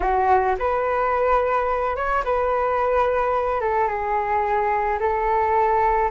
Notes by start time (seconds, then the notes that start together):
0.00 F#4
0.59 B4
1.96 C#5
2.24 B4
3.60 A4
3.87 G#4
4.99 A4